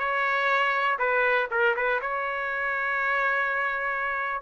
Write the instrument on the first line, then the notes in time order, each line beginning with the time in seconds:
trumpet
0.00 C#5
0.99 B4
1.51 A#4
1.76 B4
2.01 C#5